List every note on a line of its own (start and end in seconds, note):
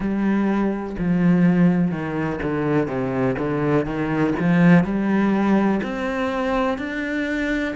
0.00 0.96 G3
0.98 1.91 F3
1.91 2.39 D#3
2.42 2.87 D3
2.87 3.35 C3
3.38 3.85 D3
3.85 4.34 D#3
4.39 4.83 F3
4.83 5.80 G3
5.82 6.77 C4
6.77 7.74 D4